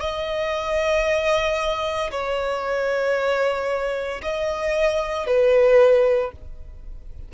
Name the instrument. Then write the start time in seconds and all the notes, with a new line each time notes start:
violin
0.00 D#5
2.11 C#5
4.22 D#5
5.26 B4